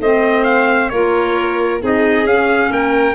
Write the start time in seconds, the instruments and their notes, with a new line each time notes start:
0.00 tuba A3, clarinet C4, violin C5, trumpet D#5
0.44 trumpet F5
0.90 tuba A#3, clarinet F4, violin A#4, trumpet C#5
1.81 tuba C4, clarinet D#4, violin G#4, trumpet D#5
2.24 tuba C#4, trumpet F5
2.31 clarinet C#4
2.71 tuba A#3, violin A#4, trumpet G5